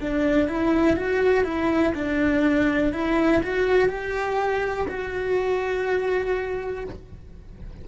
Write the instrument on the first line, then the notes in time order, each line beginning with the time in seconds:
cello
0.00 D4
0.48 E4
0.97 F#4
1.44 E4
1.94 D4
2.93 E4
3.43 F#4
3.88 G4
4.88 F#4